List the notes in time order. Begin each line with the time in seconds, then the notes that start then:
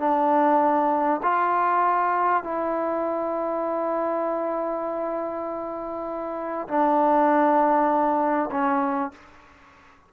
0.00 D4
1.23 F4
2.44 E4
6.69 D4
8.52 C#4